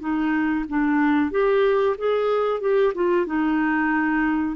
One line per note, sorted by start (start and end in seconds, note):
0.00 0.65 D#4
0.68 1.31 D4
1.31 1.96 G4
1.98 2.60 G#4
2.60 2.93 G4
2.95 3.26 F4
3.26 4.56 D#4